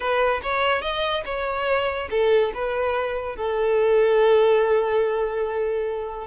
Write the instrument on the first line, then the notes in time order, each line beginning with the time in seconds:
violin
0.00 B4
0.42 C#5
0.81 D#5
1.25 C#5
2.10 A4
2.54 B4
3.36 A4